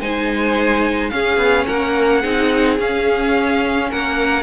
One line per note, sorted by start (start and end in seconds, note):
0.00 1.11 G#3
0.00 1.11 D#4
0.00 1.11 C5
0.00 1.09 G#5
1.09 2.22 C#4
1.09 1.36 C#4
1.09 1.67 G#4
1.09 1.65 F5
1.36 1.64 B3
1.66 2.24 A#3
1.66 2.21 A#4
1.66 2.77 F#5
2.21 2.79 C4
2.21 2.78 D#4
2.21 3.88 G#4
2.79 3.90 C#4
2.79 4.43 C#4
2.79 3.91 F5
3.90 4.43 A#3
3.90 4.43 A#4
3.90 4.43 F#5